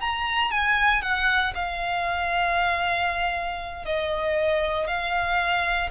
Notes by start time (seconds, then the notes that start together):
0.00 A#5
0.51 G#5
1.02 F#5
1.55 F5
3.85 D#5
4.87 F5